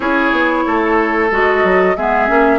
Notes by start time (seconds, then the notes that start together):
0.00 C#4 E4 G#4 C#5
0.31 B3
0.66 A3 A4
1.31 G#3 F#4 D#5
1.63 F#3
1.96 G#3 B3 G#4 E5
2.27 A#3 C#4